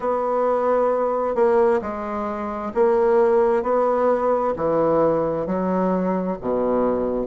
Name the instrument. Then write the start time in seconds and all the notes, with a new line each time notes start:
bassoon
0.00 B3
1.35 A#3
1.81 G#3
2.74 A#3
3.62 B3
4.56 E3
5.46 F#3
6.40 B2